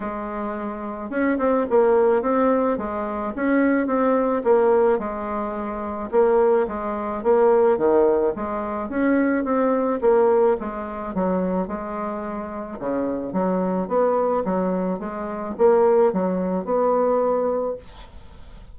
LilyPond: \new Staff \with { instrumentName = "bassoon" } { \time 4/4 \tempo 4 = 108 gis2 cis'8 c'8 ais4 | c'4 gis4 cis'4 c'4 | ais4 gis2 ais4 | gis4 ais4 dis4 gis4 |
cis'4 c'4 ais4 gis4 | fis4 gis2 cis4 | fis4 b4 fis4 gis4 | ais4 fis4 b2 | }